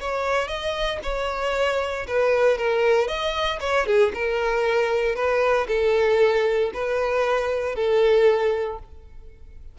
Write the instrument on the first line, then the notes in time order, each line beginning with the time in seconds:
violin
0.00 C#5
0.47 D#5
1.03 C#5
2.07 B4
2.58 A#4
3.08 D#5
3.60 C#5
3.86 G#4
4.14 A#4
5.15 B4
5.68 A4
6.73 B4
7.75 A4